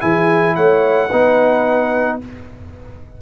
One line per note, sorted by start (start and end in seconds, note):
0.00 0.56 E3
0.00 1.09 E4
0.00 0.55 G#4
0.00 0.55 G#5
0.55 1.11 A3
0.55 1.08 C#5
0.55 2.19 F#5
1.08 2.21 B3
1.08 2.21 D#4
1.08 2.17 B4